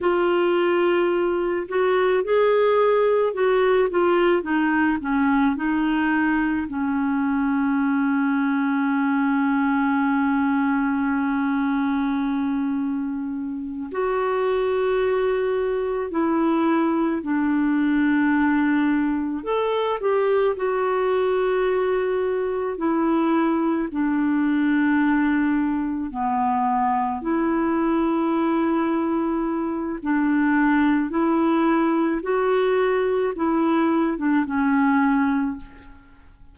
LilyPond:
\new Staff \with { instrumentName = "clarinet" } { \time 4/4 \tempo 4 = 54 f'4. fis'8 gis'4 fis'8 f'8 | dis'8 cis'8 dis'4 cis'2~ | cis'1~ | cis'8 fis'2 e'4 d'8~ |
d'4. a'8 g'8 fis'4.~ | fis'8 e'4 d'2 b8~ | b8 e'2~ e'8 d'4 | e'4 fis'4 e'8. d'16 cis'4 | }